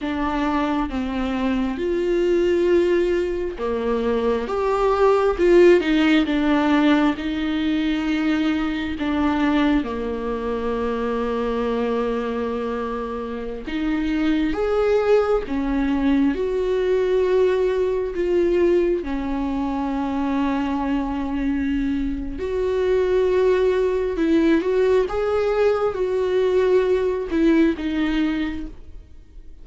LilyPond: \new Staff \with { instrumentName = "viola" } { \time 4/4 \tempo 4 = 67 d'4 c'4 f'2 | ais4 g'4 f'8 dis'8 d'4 | dis'2 d'4 ais4~ | ais2.~ ais16 dis'8.~ |
dis'16 gis'4 cis'4 fis'4.~ fis'16~ | fis'16 f'4 cis'2~ cis'8.~ | cis'4 fis'2 e'8 fis'8 | gis'4 fis'4. e'8 dis'4 | }